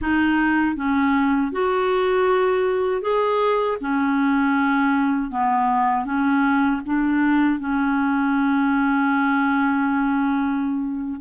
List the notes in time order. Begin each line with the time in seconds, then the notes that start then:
0.01 D#4
0.76 C#4
1.52 F#4
3.01 G#4
3.80 C#4
5.30 B3
6.05 C#4
6.85 D4
7.59 C#4